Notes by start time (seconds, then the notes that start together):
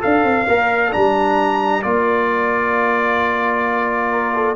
0.00 D4 A4 D5 F5
0.24 C4
0.48 A#3 A#4
0.92 G3 D4 A#5
1.83 A#3 F4 D5
4.12 A#4
4.35 A4